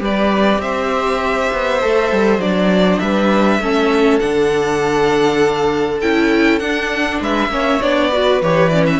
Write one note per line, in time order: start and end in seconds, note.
0.00 0.58 G3
0.00 1.80 G4
0.00 0.62 B4
0.00 0.61 D5
0.58 1.48 C4
0.58 3.02 C5
0.58 2.41 E5
1.53 1.83 B3
1.81 2.12 A3
1.81 2.41 A4
2.12 2.38 G3
2.38 2.98 F#3
2.38 3.61 D4
2.38 2.99 D5
2.99 3.59 G3
2.99 3.62 B4
2.99 4.19 E5
3.59 4.19 A3
3.59 4.21 C#4
3.59 7.21 A4
4.19 6.03 D3
4.19 6.01 D4
4.19 5.99 F#5
6.01 6.61 C#4
6.01 6.60 E4
6.01 6.59 G5
6.59 7.50 D4
6.59 7.21 D4
6.59 7.19 F#5
7.21 7.49 G#3
7.21 7.51 B4
7.21 7.82 E5
7.49 7.79 A#3
7.49 7.81 C#4
7.49 8.11 C#5
7.82 8.42 B3
7.82 8.12 D4
7.82 8.42 D5
8.11 8.43 F#4
8.11 9.00 B4
8.42 9.00 E3
8.42 8.72 G4
8.42 8.69 C#5
8.69 9.00 C#4
8.69 8.84 D5
8.86 9.00 E5